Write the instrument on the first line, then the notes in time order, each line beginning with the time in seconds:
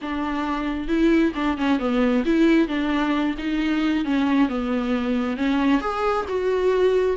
viola
0.01 D4
0.88 E4
1.35 D4
1.57 C#4
1.79 B3
2.25 E4
2.68 D4
3.37 D#4
4.04 C#4
4.48 B3
5.36 C#4
5.80 G#4
6.28 F#4